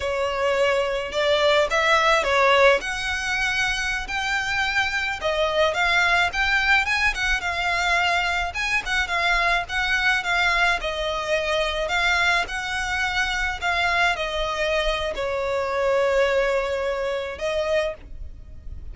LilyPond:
\new Staff \with { instrumentName = "violin" } { \time 4/4 \tempo 4 = 107 cis''2 d''4 e''4 | cis''4 fis''2~ fis''16 g''8.~ | g''4~ g''16 dis''4 f''4 g''8.~ | g''16 gis''8 fis''8 f''2 gis''8 fis''16~ |
fis''16 f''4 fis''4 f''4 dis''8.~ | dis''4~ dis''16 f''4 fis''4.~ fis''16~ | fis''16 f''4 dis''4.~ dis''16 cis''4~ | cis''2. dis''4 | }